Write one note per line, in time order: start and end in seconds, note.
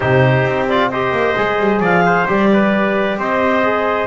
0.00 0.45 C3
0.00 0.68 D#4
0.00 0.91 G4
0.00 0.66 C5
0.45 1.12 C4
0.68 0.92 F4
0.68 0.90 D5
0.90 1.36 G4
0.90 1.80 C5
0.90 1.81 D#5
1.12 1.34 A#3
1.36 1.59 G#3
1.36 2.26 G#4
1.59 1.79 G3
1.79 2.25 F3
1.79 2.03 D5
1.79 2.29 F5
2.05 2.51 C5
2.26 3.17 G3
2.26 3.63 G4
2.26 3.20 D5
2.52 3.18 B4
3.17 4.07 C4
3.17 4.07 C5
3.17 4.07 D#5
3.63 4.07 G#4